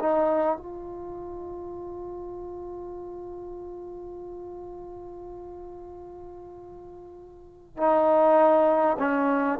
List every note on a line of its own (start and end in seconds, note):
0.00 0.58 D#4
0.58 7.78 F4
7.78 8.98 D#4
8.99 9.59 C#4